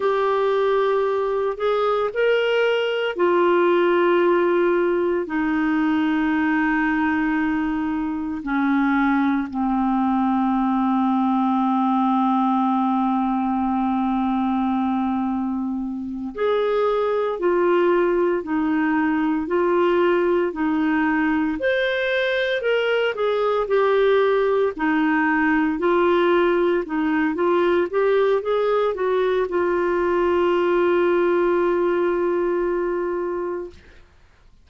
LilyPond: \new Staff \with { instrumentName = "clarinet" } { \time 4/4 \tempo 4 = 57 g'4. gis'8 ais'4 f'4~ | f'4 dis'2. | cis'4 c'2.~ | c'2.~ c'8 gis'8~ |
gis'8 f'4 dis'4 f'4 dis'8~ | dis'8 c''4 ais'8 gis'8 g'4 dis'8~ | dis'8 f'4 dis'8 f'8 g'8 gis'8 fis'8 | f'1 | }